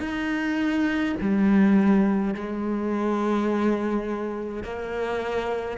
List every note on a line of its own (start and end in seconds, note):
0.00 1.15 D#4
1.21 2.34 G3
2.34 4.63 G#3
4.63 5.78 A#3